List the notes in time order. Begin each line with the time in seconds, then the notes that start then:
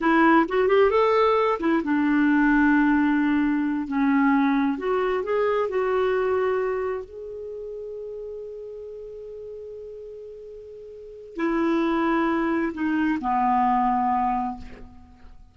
0.00 E4
0.48 F#4
0.67 G4
0.90 A4
1.59 E4
1.83 D4
3.87 C#4
4.77 F#4
5.23 G#4
5.69 F#4
7.05 G#4
11.36 E4
12.73 D#4
13.20 B3